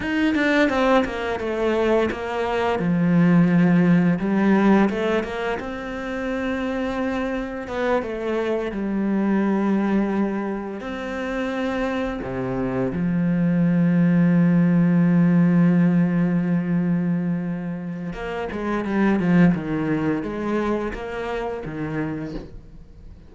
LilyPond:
\new Staff \with { instrumentName = "cello" } { \time 4/4 \tempo 4 = 86 dis'8 d'8 c'8 ais8 a4 ais4 | f2 g4 a8 ais8 | c'2. b8 a8~ | a8 g2. c'8~ |
c'4. c4 f4.~ | f1~ | f2 ais8 gis8 g8 f8 | dis4 gis4 ais4 dis4 | }